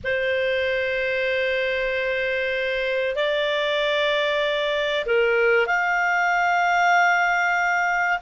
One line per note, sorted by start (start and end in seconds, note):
0.03 3.16 C5
3.16 5.05 D5
5.06 5.66 A#4
5.66 8.18 F5